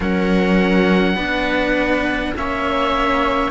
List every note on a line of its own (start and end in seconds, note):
0.00 1.16 F#3
0.00 1.17 C#4
0.00 1.15 A#4
0.00 2.34 F#5
1.15 2.33 B3
1.15 2.35 D4
1.15 2.33 B4
2.36 3.50 A#3
2.36 3.50 C#4
2.36 3.50 C#5
2.36 3.50 E5